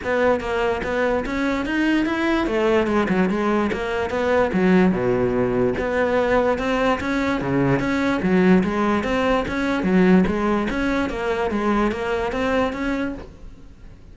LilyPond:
\new Staff \with { instrumentName = "cello" } { \time 4/4 \tempo 4 = 146 b4 ais4 b4 cis'4 | dis'4 e'4 a4 gis8 fis8 | gis4 ais4 b4 fis4 | b,2 b2 |
c'4 cis'4 cis4 cis'4 | fis4 gis4 c'4 cis'4 | fis4 gis4 cis'4 ais4 | gis4 ais4 c'4 cis'4 | }